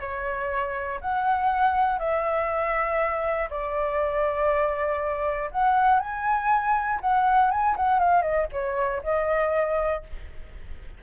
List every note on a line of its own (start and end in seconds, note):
0.00 1.00 C#5
1.01 1.99 F#5
1.99 3.49 E5
3.50 5.50 D5
5.51 6.00 F#5
6.00 7.00 G#5
7.01 7.51 F#5
7.51 7.76 G#5
7.76 7.99 F#5
7.99 8.22 F5
8.22 8.47 D#5
8.52 9.02 C#5
9.03 10.03 D#5